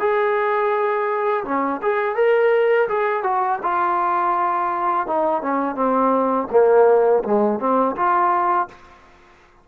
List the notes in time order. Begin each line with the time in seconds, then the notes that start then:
0.00 G#4
1.45 C#4
1.82 G#4
2.16 A#4
2.89 G#4
3.24 F#4
3.63 F4
5.07 D#4
5.42 C#4
5.76 C4
6.51 A#3
7.24 G#3
7.60 C4
7.96 F4